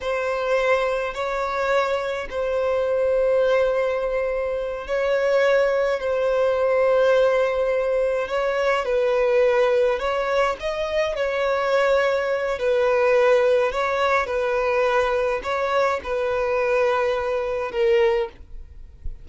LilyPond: \new Staff \with { instrumentName = "violin" } { \time 4/4 \tempo 4 = 105 c''2 cis''2 | c''1~ | c''8 cis''2 c''4.~ | c''2~ c''8 cis''4 b'8~ |
b'4. cis''4 dis''4 cis''8~ | cis''2 b'2 | cis''4 b'2 cis''4 | b'2. ais'4 | }